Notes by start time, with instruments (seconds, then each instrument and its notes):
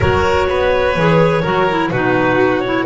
0.00 double bass F#3, clarinet F#4 C#5, violin A#4
0.49 double bass B3, violin B4
0.95 double bass E3, clarinet G#4
1.41 double bass F#3, clarinet F#4, violin A#4
1.69 clarinet E4
1.90 double bass B2, clarinet D#4 B4, violin F#4
2.60 clarinet E4 C#5